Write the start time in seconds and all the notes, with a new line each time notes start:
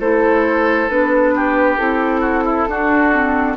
0.00 A3 E4 A4 C5
0.89 B3 D4 B4
1.35 G4
1.78 C4 E4 A4
2.21 F#4
2.45 E4
2.68 D4 F#4
3.13 C4